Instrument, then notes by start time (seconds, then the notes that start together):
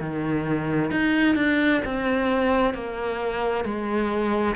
cello
0.00 D#3
0.90 D#4
1.35 D4
1.85 C4
2.74 A#3
3.64 G#3